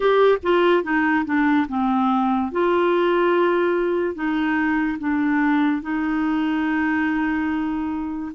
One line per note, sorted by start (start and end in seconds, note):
0.00 0.37 G4
0.42 0.83 F4
0.83 1.25 D#4
1.25 1.66 D4
1.68 2.51 C4
2.52 4.14 F4
4.14 4.98 D#4
4.98 5.82 D4
5.82 8.32 D#4